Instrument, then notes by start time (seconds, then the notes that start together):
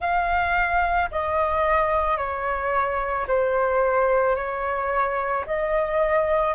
flute
0.00 F5
1.11 D#5
2.17 C#5
3.27 C5
4.35 C#5
5.46 D#5